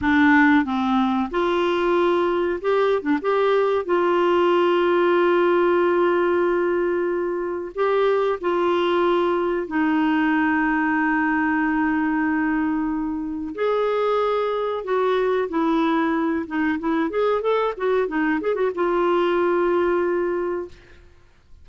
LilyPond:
\new Staff \with { instrumentName = "clarinet" } { \time 4/4 \tempo 4 = 93 d'4 c'4 f'2 | g'8. d'16 g'4 f'2~ | f'1 | g'4 f'2 dis'4~ |
dis'1~ | dis'4 gis'2 fis'4 | e'4. dis'8 e'8 gis'8 a'8 fis'8 | dis'8 gis'16 fis'16 f'2. | }